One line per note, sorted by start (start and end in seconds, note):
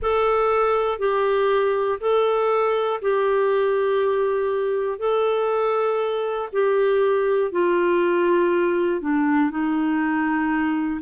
0.02 0.99 A4
0.99 1.99 G4
2.00 3.00 A4
3.01 4.98 G4
4.98 6.48 A4
6.52 7.51 G4
7.51 9.00 F4
9.00 9.50 D4
9.50 11.00 D#4